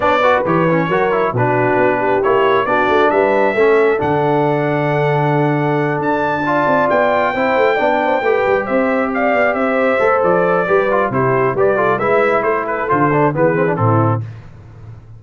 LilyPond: <<
  \new Staff \with { instrumentName = "trumpet" } { \time 4/4 \tempo 4 = 135 d''4 cis''2 b'4~ | b'4 cis''4 d''4 e''4~ | e''4 fis''2.~ | fis''4. a''2 g''8~ |
g''2.~ g''8 e''8~ | e''8 f''4 e''4. d''4~ | d''4 c''4 d''4 e''4 | c''8 b'8 c''4 b'4 a'4 | }
  \new Staff \with { instrumentName = "horn" } { \time 4/4 cis''8 b'4. ais'4 fis'4~ | fis'8 g'4. fis'4 b'4 | a'1~ | a'2~ a'8 d''4.~ |
d''8 c''4 d''8 c''8 b'4 c''8~ | c''8 d''4 c''2~ c''8 | b'4 g'4 b'8 a'8 b'4 | a'2 gis'4 e'4 | }
  \new Staff \with { instrumentName = "trombone" } { \time 4/4 d'8 fis'8 g'8 cis'8 fis'8 e'8 d'4~ | d'4 e'4 d'2 | cis'4 d'2.~ | d'2~ d'8 f'4.~ |
f'8 e'4 d'4 g'4.~ | g'2~ g'8 a'4. | g'8 f'8 e'4 g'8 f'8 e'4~ | e'4 f'8 d'8 b8 c'16 d'16 c'4 | }
  \new Staff \with { instrumentName = "tuba" } { \time 4/4 b4 e4 fis4 b,4 | b4 ais4 b8 a8 g4 | a4 d2.~ | d4. d'4. c'8 b8~ |
b8 c'8 a8 b4 a8 g8 c'8~ | c'4 b8 c'4 a8 f4 | g4 c4 g4 gis4 | a4 d4 e4 a,4 | }
>>